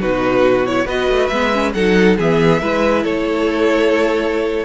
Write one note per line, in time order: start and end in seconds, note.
0.00 0.86 B2
0.00 0.66 D#4
0.00 0.86 F#4
0.00 0.66 B4
0.66 0.88 E4
0.66 0.88 C#5
0.86 1.08 B3
0.86 1.32 F#4
0.86 1.73 B4
0.86 1.28 D#5
1.09 1.31 A3
1.28 1.74 G#3
1.28 1.53 B3
1.28 1.71 E5
1.53 1.75 C#4
1.74 2.18 F#3
1.74 2.19 D#4
1.74 2.18 A4
1.74 2.18 F#5
2.18 2.62 E3
2.18 2.61 B3
2.18 2.62 G#4
2.18 3.05 E5
2.61 3.05 G#3
2.61 4.65 E4
2.61 3.04 B4
3.04 4.65 A3
3.04 4.65 A4
3.04 4.65 C#5